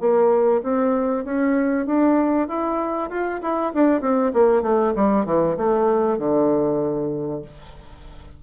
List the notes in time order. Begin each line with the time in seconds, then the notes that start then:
0.00 A#3
0.63 C4
1.25 C#4
1.86 D4
2.48 E4
3.10 F4
3.41 E4
3.74 D4
4.01 C4
4.33 A#3
4.62 A3
4.95 G3
5.25 E3
5.57 A3
6.18 D3